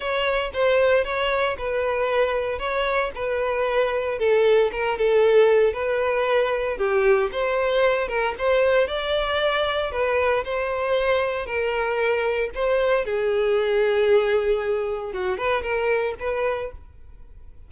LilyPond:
\new Staff \with { instrumentName = "violin" } { \time 4/4 \tempo 4 = 115 cis''4 c''4 cis''4 b'4~ | b'4 cis''4 b'2 | a'4 ais'8 a'4. b'4~ | b'4 g'4 c''4. ais'8 |
c''4 d''2 b'4 | c''2 ais'2 | c''4 gis'2.~ | gis'4 fis'8 b'8 ais'4 b'4 | }